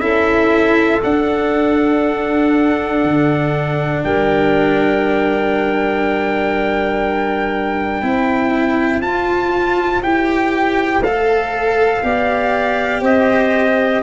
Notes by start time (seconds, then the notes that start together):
0.00 C#4 E4 A4 E5
1.03 D4 F#5
3.04 D3
4.04 G3 A#4 G5
8.02 C4 E4 C5
9.01 F4 A5
10.03 E4 G4 G5
11.00 A3 A4 F5
12.03 B3 G4 D5
13.01 C4 C5 D#5